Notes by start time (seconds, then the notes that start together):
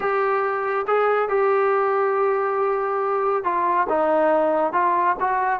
0.00 G4
0.87 G#4
1.28 G4
3.44 F4
3.89 D#4
4.72 F4
5.20 F#4